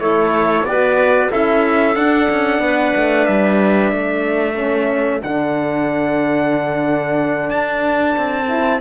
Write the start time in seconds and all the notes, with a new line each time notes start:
0.00 A3 E4 A4 C#5
0.63 B3 F#4 B4 D5
1.31 C#4 E4 A4 E5
1.96 D4 F#5
2.30 C#4
2.59 B3 B4
2.96 A3
3.25 G3 E5
3.92 A3 A4
4.55 C#4
5.23 D3 D4 F#5
7.50 D4 A5
8.17 C4
8.48 E4